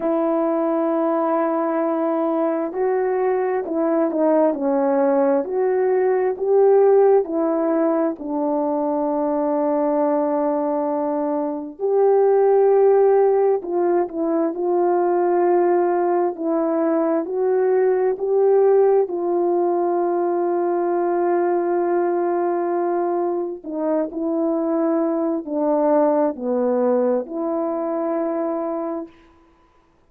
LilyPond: \new Staff \with { instrumentName = "horn" } { \time 4/4 \tempo 4 = 66 e'2. fis'4 | e'8 dis'8 cis'4 fis'4 g'4 | e'4 d'2.~ | d'4 g'2 f'8 e'8 |
f'2 e'4 fis'4 | g'4 f'2.~ | f'2 dis'8 e'4. | d'4 b4 e'2 | }